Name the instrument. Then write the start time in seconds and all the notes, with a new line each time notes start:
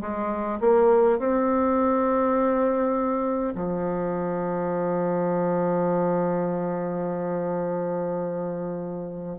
bassoon
0.00 G#3
0.60 A#3
1.18 C4
3.55 F3